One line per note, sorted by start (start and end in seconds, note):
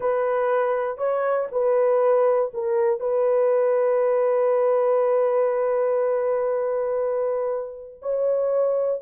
0.00 0.97 B4
0.97 1.47 C#5
1.51 2.51 B4
2.53 3.00 A#4
3.00 8.00 B4
8.02 9.01 C#5